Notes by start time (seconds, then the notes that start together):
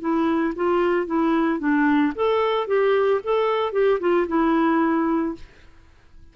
0.00 E4
0.56 F4
1.07 E4
1.59 D4
2.15 A4
2.67 G4
3.23 A4
3.73 G4
4.00 F4
4.28 E4